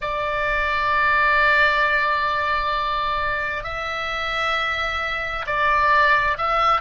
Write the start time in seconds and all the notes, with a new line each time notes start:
0.01 D5
3.63 E5
5.46 D5
6.37 E5